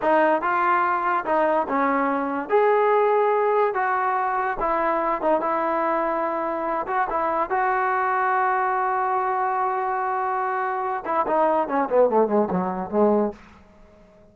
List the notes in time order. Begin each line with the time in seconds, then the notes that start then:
0.02 D#4
0.41 F4
1.25 D#4
1.68 C#4
2.49 G#4
3.73 F#4
4.59 E4
5.21 D#4
5.40 E4
6.86 F#4
7.10 E4
7.50 F#4
11.05 E4
11.26 D#4
11.68 C#4
11.89 B3
12.09 A3
12.27 G#3
12.50 F#3
12.90 G#3